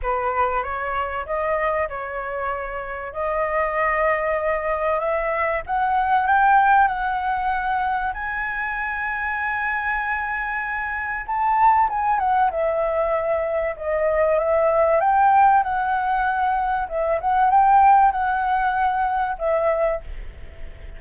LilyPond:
\new Staff \with { instrumentName = "flute" } { \time 4/4 \tempo 4 = 96 b'4 cis''4 dis''4 cis''4~ | cis''4 dis''2. | e''4 fis''4 g''4 fis''4~ | fis''4 gis''2.~ |
gis''2 a''4 gis''8 fis''8 | e''2 dis''4 e''4 | g''4 fis''2 e''8 fis''8 | g''4 fis''2 e''4 | }